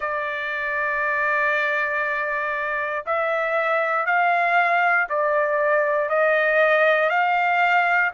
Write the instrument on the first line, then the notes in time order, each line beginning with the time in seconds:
trumpet
0.00 D5
3.06 E5
4.05 F5
5.09 D5
6.09 D#5
7.09 F5